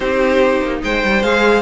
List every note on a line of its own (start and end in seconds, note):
0.00 0.61 C4
0.00 1.21 D#4
0.00 0.81 G4
0.00 0.80 C5
0.62 0.82 A#3
0.83 1.03 G#3
0.83 1.62 C5
0.83 1.23 G5
1.04 1.23 G3
1.22 1.62 G#3
1.22 1.62 G#4
1.22 1.62 F5